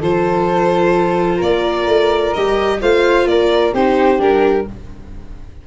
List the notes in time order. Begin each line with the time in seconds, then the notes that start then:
0.00 F3 F4 A4 C5
1.37 A#3 A#4 D5
1.86 A3
2.34 G3 G4 D#5
2.81 A3 F4 C5 F5
3.26 A#3 A#4 D5
3.74 C4 D#4 G4 C5
4.18 G3 D4 A#4